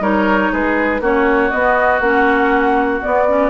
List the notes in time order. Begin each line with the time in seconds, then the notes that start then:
0.00 G3 D#4 A#4 C#5
0.52 G#3 G#4 B4
1.00 A#3 C#4 F#4 C#5
1.50 B3 D#5
2.00 A#3 C#4 F#5
3.01 B3 D5
3.28 C#4